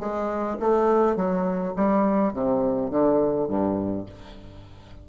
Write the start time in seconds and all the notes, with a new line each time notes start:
0.00 G#3
0.60 A3
1.16 F#3
1.76 G3
2.34 C3
2.91 D3
3.48 G2